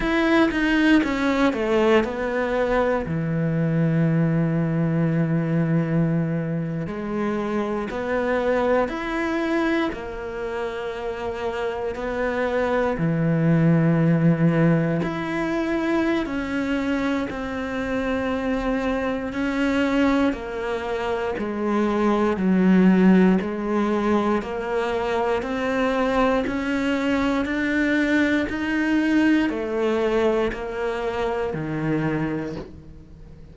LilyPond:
\new Staff \with { instrumentName = "cello" } { \time 4/4 \tempo 4 = 59 e'8 dis'8 cis'8 a8 b4 e4~ | e2~ e8. gis4 b16~ | b8. e'4 ais2 b16~ | b8. e2 e'4~ e'16 |
cis'4 c'2 cis'4 | ais4 gis4 fis4 gis4 | ais4 c'4 cis'4 d'4 | dis'4 a4 ais4 dis4 | }